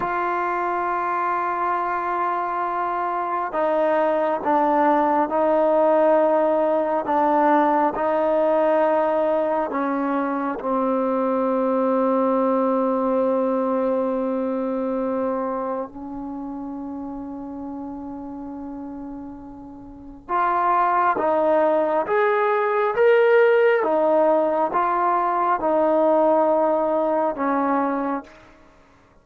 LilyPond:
\new Staff \with { instrumentName = "trombone" } { \time 4/4 \tempo 4 = 68 f'1 | dis'4 d'4 dis'2 | d'4 dis'2 cis'4 | c'1~ |
c'2 cis'2~ | cis'2. f'4 | dis'4 gis'4 ais'4 dis'4 | f'4 dis'2 cis'4 | }